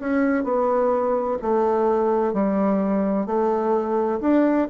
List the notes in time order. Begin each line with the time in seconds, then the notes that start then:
0.00 C#4
0.44 B3
1.42 A3
2.34 G3
3.26 A3
4.21 D4